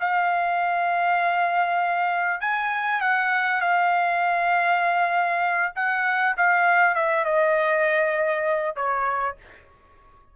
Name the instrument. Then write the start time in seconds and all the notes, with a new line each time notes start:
trumpet
0.00 F5
2.40 G#5
3.01 F#5
3.61 F5
5.75 F#5
6.37 F5
6.95 E5
7.25 D#5
8.75 C#5